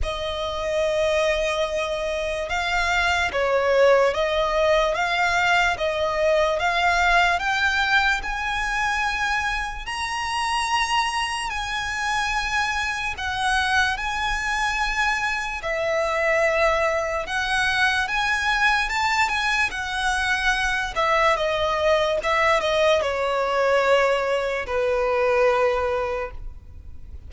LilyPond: \new Staff \with { instrumentName = "violin" } { \time 4/4 \tempo 4 = 73 dis''2. f''4 | cis''4 dis''4 f''4 dis''4 | f''4 g''4 gis''2 | ais''2 gis''2 |
fis''4 gis''2 e''4~ | e''4 fis''4 gis''4 a''8 gis''8 | fis''4. e''8 dis''4 e''8 dis''8 | cis''2 b'2 | }